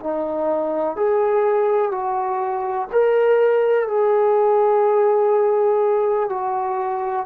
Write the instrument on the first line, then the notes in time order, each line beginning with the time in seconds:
trombone
0.00 D#4
0.96 G#4
1.91 F#4
2.92 A#4
3.88 G#4
6.29 F#4